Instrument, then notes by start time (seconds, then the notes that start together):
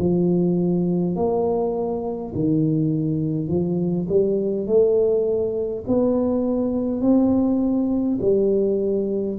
tuba
0.00 F3
1.16 A#3
2.35 D#3
3.48 F3
4.09 G3
4.67 A3
5.88 B3
7.02 C4
8.21 G3